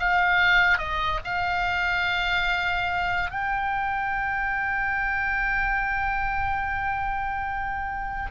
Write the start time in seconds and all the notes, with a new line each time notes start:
0.00 F5
0.78 D#5
1.25 F5
3.31 G5